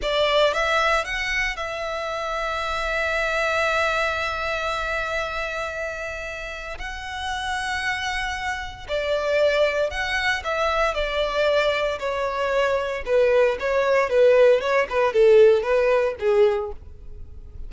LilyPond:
\new Staff \with { instrumentName = "violin" } { \time 4/4 \tempo 4 = 115 d''4 e''4 fis''4 e''4~ | e''1~ | e''1~ | e''4 fis''2.~ |
fis''4 d''2 fis''4 | e''4 d''2 cis''4~ | cis''4 b'4 cis''4 b'4 | cis''8 b'8 a'4 b'4 gis'4 | }